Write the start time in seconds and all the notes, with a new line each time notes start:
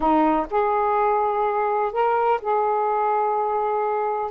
0.00 D#4
0.50 G#4
1.92 A#4
2.41 G#4